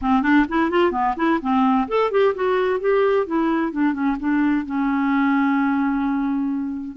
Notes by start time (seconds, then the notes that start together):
0.01 C4
0.22 D4
0.49 E4
0.70 F4
0.91 B3
1.16 E4
1.41 C4
1.87 A4
2.11 G4
2.35 F#4
2.79 G4
3.26 E4
3.71 D4
3.93 C#4
4.19 D4
4.65 C#4